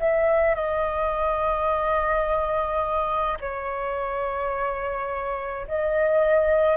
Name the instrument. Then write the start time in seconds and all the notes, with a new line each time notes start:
flute
0.00 E5
0.55 D#5
3.41 C#5
5.68 D#5